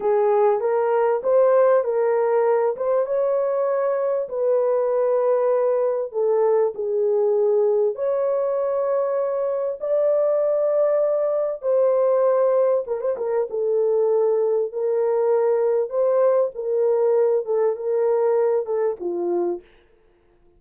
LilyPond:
\new Staff \with { instrumentName = "horn" } { \time 4/4 \tempo 4 = 98 gis'4 ais'4 c''4 ais'4~ | ais'8 c''8 cis''2 b'4~ | b'2 a'4 gis'4~ | gis'4 cis''2. |
d''2. c''4~ | c''4 ais'16 c''16 ais'8 a'2 | ais'2 c''4 ais'4~ | ais'8 a'8 ais'4. a'8 f'4 | }